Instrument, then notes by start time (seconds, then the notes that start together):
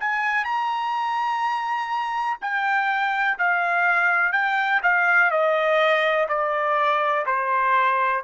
trumpet
0.00 G#5
0.44 A#5
2.41 G5
3.38 F5
4.32 G5
4.83 F5
5.30 D#5
6.29 D5
7.26 C5